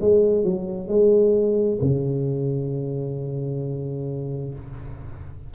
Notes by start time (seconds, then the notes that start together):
0.00 G#3
0.44 F#3
0.88 G#3
1.81 C#3